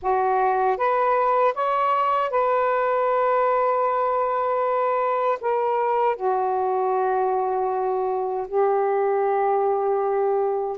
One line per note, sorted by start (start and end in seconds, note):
0.02 0.77 F#4
0.77 1.53 B4
1.54 2.30 C#5
2.30 5.38 B4
5.40 6.16 A#4
6.16 8.47 F#4
8.48 10.77 G4